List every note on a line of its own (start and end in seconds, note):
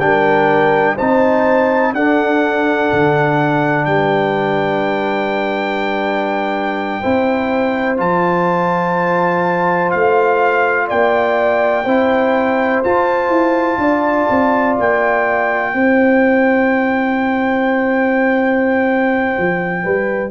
0.00 0.97 G3
0.00 0.97 D4
0.00 0.95 A#4
0.00 0.97 G5
0.95 1.93 C4
0.95 1.95 D#4
0.95 1.91 C5
0.95 1.94 A5
1.93 2.90 D4
1.93 7.03 D4
1.93 3.87 A4
1.93 3.85 F#5
2.93 3.86 D3
3.85 7.01 G3
3.85 7.00 B4
3.85 7.96 G5
7.00 7.99 C4
7.00 7.97 E4
7.00 10.87 C5
7.97 9.93 F3
7.97 11.84 F4
7.97 9.91 A5
9.91 10.90 A3
9.91 10.88 F5
10.88 11.85 A#3
10.88 11.84 D5
10.88 12.83 G5
11.84 12.82 C4
11.84 12.84 E4
11.84 13.78 C5
12.84 15.75 F4
12.84 13.29 F4
12.84 14.77 A5
13.29 13.77 E4
13.78 14.26 D4
13.78 15.73 D5
14.30 14.78 C4
14.79 15.74 A#3
14.79 20.31 G5
15.74 19.37 C4
15.74 20.31 E4
15.74 19.83 C5
19.38 19.85 F3
19.83 20.31 G3
19.83 20.31 B4